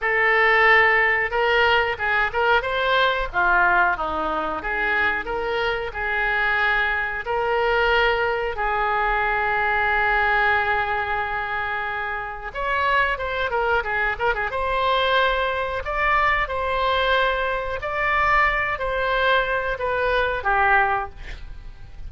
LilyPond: \new Staff \with { instrumentName = "oboe" } { \time 4/4 \tempo 4 = 91 a'2 ais'4 gis'8 ais'8 | c''4 f'4 dis'4 gis'4 | ais'4 gis'2 ais'4~ | ais'4 gis'2.~ |
gis'2. cis''4 | c''8 ais'8 gis'8 ais'16 gis'16 c''2 | d''4 c''2 d''4~ | d''8 c''4. b'4 g'4 | }